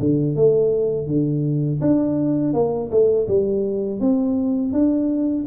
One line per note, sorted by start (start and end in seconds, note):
0.00 0.36 D3
0.36 1.07 A3
1.07 1.81 D3
1.81 2.54 D4
2.54 2.90 A#3
2.91 3.28 A3
3.28 4.00 G3
4.00 4.73 C4
4.73 5.46 D4